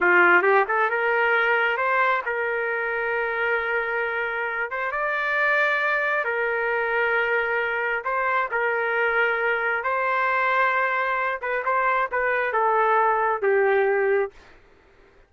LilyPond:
\new Staff \with { instrumentName = "trumpet" } { \time 4/4 \tempo 4 = 134 f'4 g'8 a'8 ais'2 | c''4 ais'2.~ | ais'2~ ais'8 c''8 d''4~ | d''2 ais'2~ |
ais'2 c''4 ais'4~ | ais'2 c''2~ | c''4. b'8 c''4 b'4 | a'2 g'2 | }